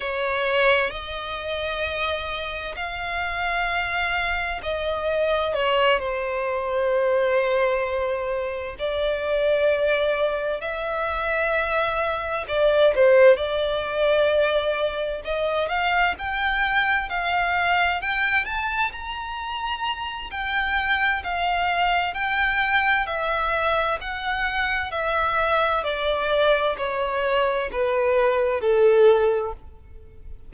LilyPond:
\new Staff \with { instrumentName = "violin" } { \time 4/4 \tempo 4 = 65 cis''4 dis''2 f''4~ | f''4 dis''4 cis''8 c''4.~ | c''4. d''2 e''8~ | e''4. d''8 c''8 d''4.~ |
d''8 dis''8 f''8 g''4 f''4 g''8 | a''8 ais''4. g''4 f''4 | g''4 e''4 fis''4 e''4 | d''4 cis''4 b'4 a'4 | }